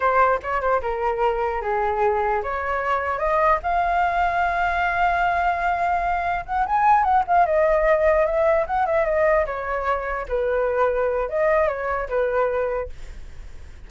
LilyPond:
\new Staff \with { instrumentName = "flute" } { \time 4/4 \tempo 4 = 149 c''4 cis''8 c''8 ais'2 | gis'2 cis''2 | dis''4 f''2.~ | f''1 |
fis''8 gis''4 fis''8 f''8 dis''4.~ | dis''8 e''4 fis''8 e''8 dis''4 cis''8~ | cis''4. b'2~ b'8 | dis''4 cis''4 b'2 | }